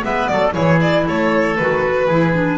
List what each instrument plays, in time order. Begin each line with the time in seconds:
0.00 double bass G#3, clarinet B3, oboe B4, violin E5
0.27 double bass F#3, oboe A4, violin D5
0.52 double bass E3, clarinet E4, oboe G#4, violin C#5
0.81 violin D5
1.07 double bass A3, oboe A4, violin C#5
1.56 double bass D#3, clarinet F#4, violin B4
2.07 double bass E3, clarinet E4, oboe G#4
2.34 clarinet D4